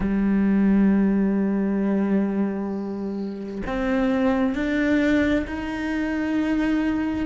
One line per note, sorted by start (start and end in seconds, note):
0.00 3.62 G3
3.66 4.55 C4
4.55 5.45 D4
5.46 7.26 D#4